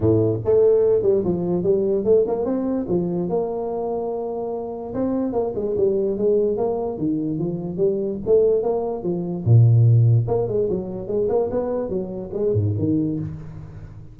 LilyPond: \new Staff \with { instrumentName = "tuba" } { \time 4/4 \tempo 4 = 146 a,4 a4. g8 f4 | g4 a8 ais8 c'4 f4 | ais1 | c'4 ais8 gis8 g4 gis4 |
ais4 dis4 f4 g4 | a4 ais4 f4 ais,4~ | ais,4 ais8 gis8 fis4 gis8 ais8 | b4 fis4 gis8 gis,8 dis4 | }